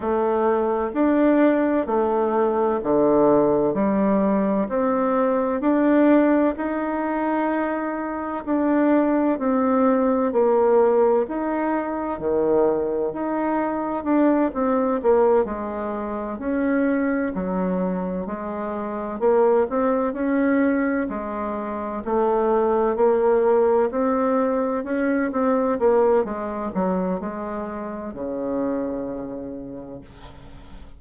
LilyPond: \new Staff \with { instrumentName = "bassoon" } { \time 4/4 \tempo 4 = 64 a4 d'4 a4 d4 | g4 c'4 d'4 dis'4~ | dis'4 d'4 c'4 ais4 | dis'4 dis4 dis'4 d'8 c'8 |
ais8 gis4 cis'4 fis4 gis8~ | gis8 ais8 c'8 cis'4 gis4 a8~ | a8 ais4 c'4 cis'8 c'8 ais8 | gis8 fis8 gis4 cis2 | }